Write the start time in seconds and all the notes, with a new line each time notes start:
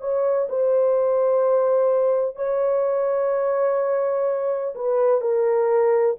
0.00 C#5
0.49 C5
2.36 C#5
4.75 B4
5.21 A#4